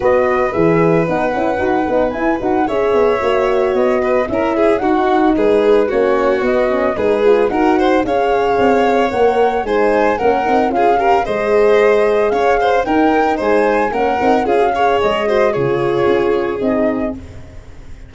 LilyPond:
<<
  \new Staff \with { instrumentName = "flute" } { \time 4/4 \tempo 4 = 112 dis''4 e''4 fis''2 | gis''8 fis''8 e''2 dis''4 | e''4 fis''4 b'4 cis''4 | dis''4 b'4 fis''4 f''4~ |
f''4 fis''4 gis''4 fis''4 | f''4 dis''2 f''4 | g''4 gis''4 fis''4 f''4 | dis''4 cis''2 dis''4 | }
  \new Staff \with { instrumentName = "violin" } { \time 4/4 b'1~ | b'4 cis''2~ cis''8 b'8 | ais'8 gis'8 fis'4 gis'4 fis'4~ | fis'4 gis'4 ais'8 c''8 cis''4~ |
cis''2 c''4 ais'4 | gis'8 ais'8 c''2 cis''8 c''8 | ais'4 c''4 ais'4 gis'8 cis''8~ | cis''8 c''8 gis'2. | }
  \new Staff \with { instrumentName = "horn" } { \time 4/4 fis'4 gis'4 dis'8 e'8 fis'8 dis'8 | e'8 fis'8 gis'4 fis'2 | e'4 dis'2 cis'4 | b8 cis'8 dis'8 f'8 fis'4 gis'4~ |
gis'4 ais'4 dis'4 cis'8 dis'8 | f'8 g'8 gis'2. | dis'2 cis'8 dis'8 f'16 fis'16 gis'8~ | gis'8 fis'8 f'2 dis'4 | }
  \new Staff \with { instrumentName = "tuba" } { \time 4/4 b4 e4 b8 cis'8 dis'8 b8 | e'8 dis'8 cis'8 b8 ais4 b4 | cis'4 dis'4 gis4 ais4 | b4 gis4 dis'4 cis'4 |
c'4 ais4 gis4 ais8 c'8 | cis'4 gis2 cis'4 | dis'4 gis4 ais8 c'8 cis'4 | gis4 cis4 cis'4 c'4 | }
>>